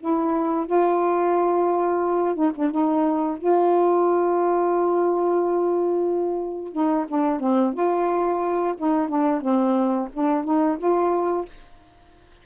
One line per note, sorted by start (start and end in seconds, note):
0.00 0.67 E4
0.67 2.35 F4
2.35 2.52 D#4
2.56 2.72 D4
2.72 3.38 D#4
3.38 6.73 F4
6.73 7.06 D#4
7.09 7.40 D4
7.40 7.74 C4
7.74 8.75 F4
8.78 9.09 D#4
9.09 9.42 D4
9.42 10.09 C4
10.14 10.45 D4
10.45 10.78 D#4
10.79 11.46 F4